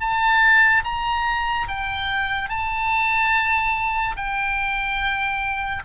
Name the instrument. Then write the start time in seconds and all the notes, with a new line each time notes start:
oboe
0.00 A5
0.84 A#5
1.68 G5
2.49 A5
4.17 G5